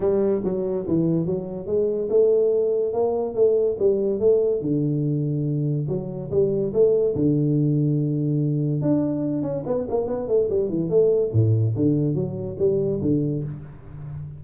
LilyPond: \new Staff \with { instrumentName = "tuba" } { \time 4/4 \tempo 4 = 143 g4 fis4 e4 fis4 | gis4 a2 ais4 | a4 g4 a4 d4~ | d2 fis4 g4 |
a4 d2.~ | d4 d'4. cis'8 b8 ais8 | b8 a8 g8 e8 a4 a,4 | d4 fis4 g4 d4 | }